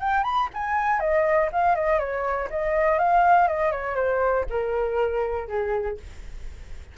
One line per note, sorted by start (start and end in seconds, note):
0.00 0.24 G5
0.24 0.48 B5
0.54 1.00 G#5
1.00 1.49 D#5
1.52 1.76 F5
1.76 1.99 D#5
1.99 2.49 C#5
2.50 2.99 D#5
2.99 3.48 F5
3.48 3.72 D#5
3.72 3.96 C#5
3.96 4.45 C5
4.50 5.48 A#4
5.48 5.98 G#4